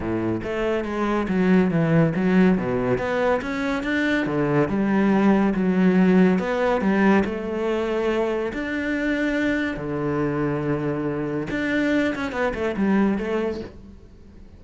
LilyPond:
\new Staff \with { instrumentName = "cello" } { \time 4/4 \tempo 4 = 141 a,4 a4 gis4 fis4 | e4 fis4 b,4 b4 | cis'4 d'4 d4 g4~ | g4 fis2 b4 |
g4 a2. | d'2. d4~ | d2. d'4~ | d'8 cis'8 b8 a8 g4 a4 | }